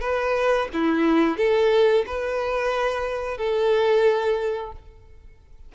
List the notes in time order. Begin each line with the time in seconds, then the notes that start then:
0.00 B4
0.73 E4
1.37 A4
2.06 B4
3.37 A4